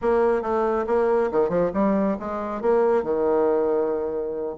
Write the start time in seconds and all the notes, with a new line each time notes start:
0.01 A#3
0.42 A3
0.87 A#3
1.31 D#3
1.49 F3
1.73 G3
2.19 G#3
2.61 A#3
3.03 D#3